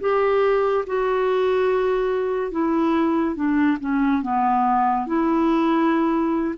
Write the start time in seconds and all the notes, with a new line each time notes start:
0.00 G4
0.86 F#4
2.51 E4
3.35 D4
3.80 C#4
4.22 B3
5.06 E4